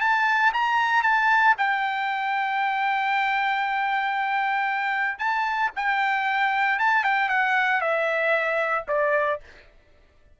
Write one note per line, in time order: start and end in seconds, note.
0.00 0.52 A5
0.53 1.02 A#5
1.02 1.55 A5
1.57 5.18 G5
5.18 5.70 A5
5.76 6.79 G5
6.79 7.03 A5
7.03 7.29 G5
7.29 7.80 F#5
7.80 8.85 E5
8.88 9.40 D5